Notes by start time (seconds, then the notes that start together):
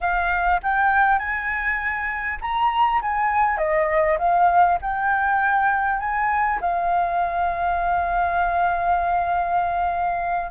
0.00 F5
0.62 G5
1.18 G#5
2.41 A#5
3.01 G#5
3.57 D#5
4.18 F5
4.81 G5
5.99 G#5
6.60 F5